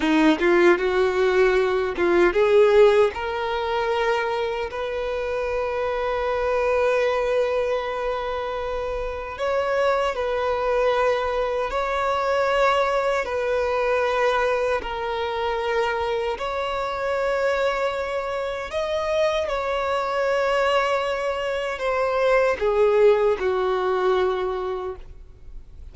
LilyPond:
\new Staff \with { instrumentName = "violin" } { \time 4/4 \tempo 4 = 77 dis'8 f'8 fis'4. f'8 gis'4 | ais'2 b'2~ | b'1 | cis''4 b'2 cis''4~ |
cis''4 b'2 ais'4~ | ais'4 cis''2. | dis''4 cis''2. | c''4 gis'4 fis'2 | }